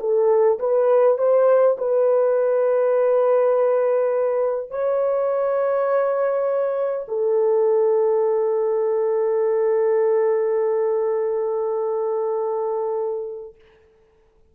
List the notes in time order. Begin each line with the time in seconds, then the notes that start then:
0.00 A4
0.59 B4
1.18 C5
1.78 B4
4.71 C#5
7.08 A4